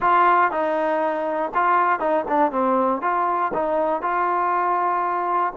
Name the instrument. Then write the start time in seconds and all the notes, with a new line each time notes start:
trombone
0.00 F4
0.51 D#4
1.54 F4
1.99 D#4
2.28 D4
2.51 C4
3.01 F4
3.53 D#4
4.02 F4